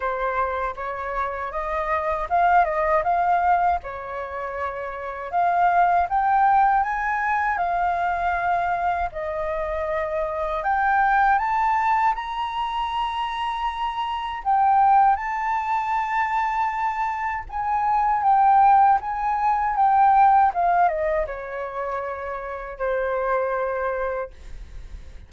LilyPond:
\new Staff \with { instrumentName = "flute" } { \time 4/4 \tempo 4 = 79 c''4 cis''4 dis''4 f''8 dis''8 | f''4 cis''2 f''4 | g''4 gis''4 f''2 | dis''2 g''4 a''4 |
ais''2. g''4 | a''2. gis''4 | g''4 gis''4 g''4 f''8 dis''8 | cis''2 c''2 | }